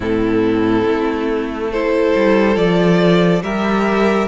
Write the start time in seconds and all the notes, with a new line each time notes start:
0.00 A2 C4 E4 A4
0.84 A3
1.71 E4 A4 C5
2.15 G3
2.55 F3 F4 D5
3.42 G3 G4 A#4 E5